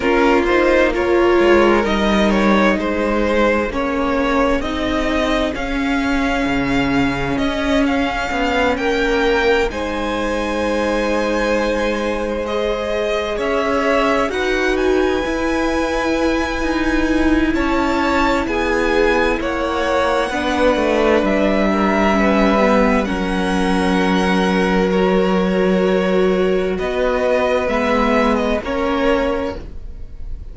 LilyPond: <<
  \new Staff \with { instrumentName = "violin" } { \time 4/4 \tempo 4 = 65 ais'8 c''8 cis''4 dis''8 cis''8 c''4 | cis''4 dis''4 f''2 | dis''8 f''4 g''4 gis''4.~ | gis''4. dis''4 e''4 fis''8 |
gis''2. a''4 | gis''4 fis''2 e''4~ | e''4 fis''2 cis''4~ | cis''4 dis''4 e''8. dis''16 cis''4 | }
  \new Staff \with { instrumentName = "violin" } { \time 4/4 f'4 ais'2 gis'4~ | gis'1~ | gis'4. ais'4 c''4.~ | c''2~ c''8 cis''4 b'8~ |
b'2. cis''4 | gis'4 cis''4 b'4. ais'8 | b'4 ais'2.~ | ais'4 b'2 ais'4 | }
  \new Staff \with { instrumentName = "viola" } { \time 4/4 cis'8 dis'8 f'4 dis'2 | cis'4 dis'4 cis'2~ | cis'2~ cis'8 dis'4.~ | dis'4. gis'2 fis'8~ |
fis'8 e'2.~ e'8~ | e'2 d'2 | cis'8 b8 cis'2 fis'4~ | fis'2 b4 cis'4 | }
  \new Staff \with { instrumentName = "cello" } { \time 4/4 ais4. gis8 g4 gis4 | ais4 c'4 cis'4 cis4 | cis'4 b8 ais4 gis4.~ | gis2~ gis8 cis'4 dis'8~ |
dis'8 e'4. dis'4 cis'4 | b4 ais4 b8 a8 g4~ | g4 fis2.~ | fis4 b4 gis4 ais4 | }
>>